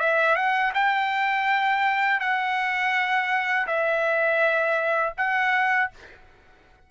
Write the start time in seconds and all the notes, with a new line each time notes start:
0.00 E5
0.36 F#5
0.74 G5
2.20 F#5
3.67 E5
5.18 F#5